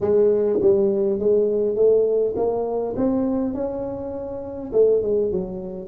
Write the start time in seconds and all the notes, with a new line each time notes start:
0.00 G#3
0.61 G3
1.19 G#3
1.75 A3
2.36 A#3
2.96 C4
3.54 C#4
4.72 A3
5.02 G#3
5.31 F#3